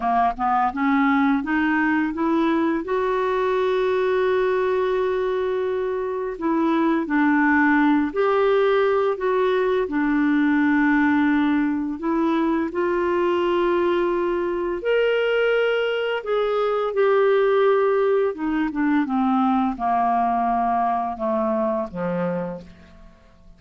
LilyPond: \new Staff \with { instrumentName = "clarinet" } { \time 4/4 \tempo 4 = 85 ais8 b8 cis'4 dis'4 e'4 | fis'1~ | fis'4 e'4 d'4. g'8~ | g'4 fis'4 d'2~ |
d'4 e'4 f'2~ | f'4 ais'2 gis'4 | g'2 dis'8 d'8 c'4 | ais2 a4 f4 | }